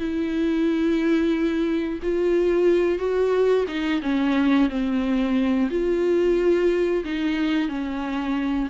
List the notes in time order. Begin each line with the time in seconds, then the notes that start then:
0.00 E4
2.03 F4
2.99 F#4
3.68 D#4
4.03 C#4
4.70 C4
5.71 F4
7.05 D#4
7.69 C#4